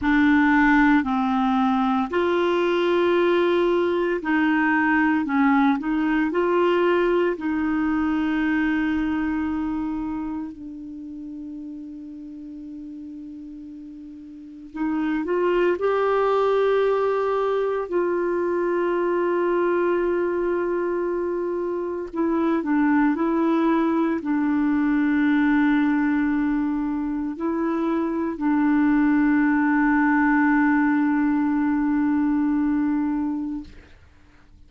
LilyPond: \new Staff \with { instrumentName = "clarinet" } { \time 4/4 \tempo 4 = 57 d'4 c'4 f'2 | dis'4 cis'8 dis'8 f'4 dis'4~ | dis'2 d'2~ | d'2 dis'8 f'8 g'4~ |
g'4 f'2.~ | f'4 e'8 d'8 e'4 d'4~ | d'2 e'4 d'4~ | d'1 | }